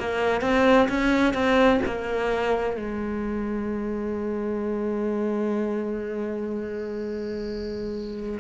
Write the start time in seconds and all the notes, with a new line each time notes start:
0.00 A#3
0.42 C4
0.89 C#4
1.34 C4
1.86 A#3
2.77 G#3